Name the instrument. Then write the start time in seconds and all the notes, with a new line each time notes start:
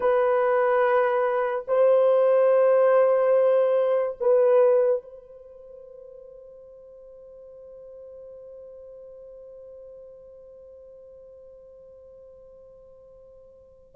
horn
0.00 B4
1.67 C5
4.20 B4
5.02 C5